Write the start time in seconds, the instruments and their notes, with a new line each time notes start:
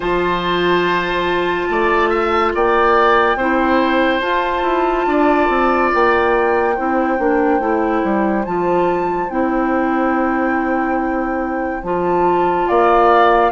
0.00 bassoon F3, clarinet F4, oboe C5, flute A5
1.69 bassoon A3, oboe D5
2.09 oboe E5
2.54 bassoon A#3, oboe D5, flute G5
3.35 bassoon C4, clarinet E4, oboe C5
4.20 clarinet F4, bassoon F4, flute A5
4.62 bassoon E4
5.06 bassoon D4, oboe D5
5.48 bassoon C4
5.93 bassoon A#3, flute G5
6.75 bassoon C4, clarinet E4, oboe C5
7.18 bassoon A#3, clarinet D4
7.59 bassoon A3, clarinet E4
8.03 bassoon G3
8.45 bassoon F3, clarinet F4, flute A5
9.29 bassoon C4, clarinet E4, flute G5
11.82 bassoon F3, clarinet F4, flute A5
12.67 bassoon A#3, oboe D5, flute F5